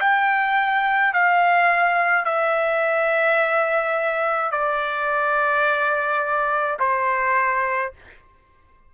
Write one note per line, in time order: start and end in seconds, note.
0.00 1.13 G5
1.13 2.25 F5
2.25 4.51 E5
4.51 6.78 D5
6.79 7.92 C5